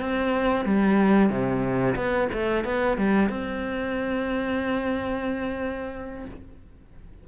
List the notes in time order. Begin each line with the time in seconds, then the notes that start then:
0.00 C4
0.65 G3
1.29 C3
1.95 B3
2.32 A3
2.64 B3
2.97 G3
3.29 C4